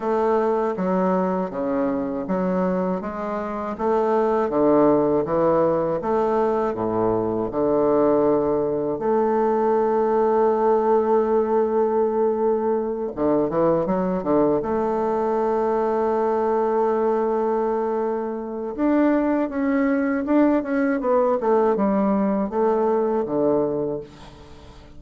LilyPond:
\new Staff \with { instrumentName = "bassoon" } { \time 4/4 \tempo 4 = 80 a4 fis4 cis4 fis4 | gis4 a4 d4 e4 | a4 a,4 d2 | a1~ |
a4. d8 e8 fis8 d8 a8~ | a1~ | a4 d'4 cis'4 d'8 cis'8 | b8 a8 g4 a4 d4 | }